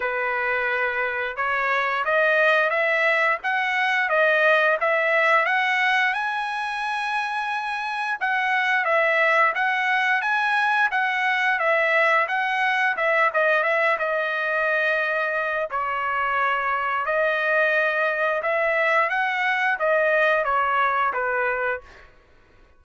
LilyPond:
\new Staff \with { instrumentName = "trumpet" } { \time 4/4 \tempo 4 = 88 b'2 cis''4 dis''4 | e''4 fis''4 dis''4 e''4 | fis''4 gis''2. | fis''4 e''4 fis''4 gis''4 |
fis''4 e''4 fis''4 e''8 dis''8 | e''8 dis''2~ dis''8 cis''4~ | cis''4 dis''2 e''4 | fis''4 dis''4 cis''4 b'4 | }